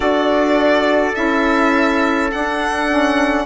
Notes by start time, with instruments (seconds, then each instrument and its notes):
0.00 bassoon D4, saxophone F#4, trumpet A4, violin D5
1.14 bassoon C#4, saxophone E4, violin E5
2.31 bassoon D4, saxophone D4, violin F#5
2.89 saxophone C#4